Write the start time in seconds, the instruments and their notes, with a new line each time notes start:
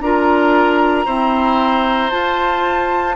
0.00 bassoon D4, clarinet F4, oboe A#4, flute A#5
1.05 clarinet C4, bassoon E4, oboe C5
2.11 clarinet F4, bassoon F4, flute A5